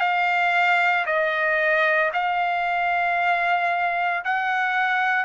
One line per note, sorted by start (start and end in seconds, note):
0.00 1.05 F5
1.06 2.11 D#5
2.13 4.23 F5
4.24 5.24 F#5